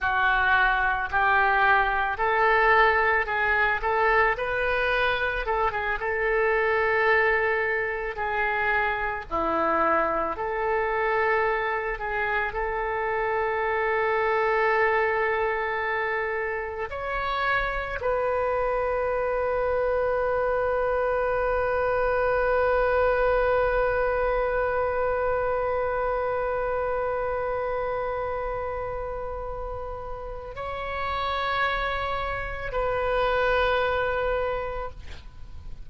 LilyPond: \new Staff \with { instrumentName = "oboe" } { \time 4/4 \tempo 4 = 55 fis'4 g'4 a'4 gis'8 a'8 | b'4 a'16 gis'16 a'2 gis'8~ | gis'8 e'4 a'4. gis'8 a'8~ | a'2.~ a'8 cis''8~ |
cis''8 b'2.~ b'8~ | b'1~ | b'1 | cis''2 b'2 | }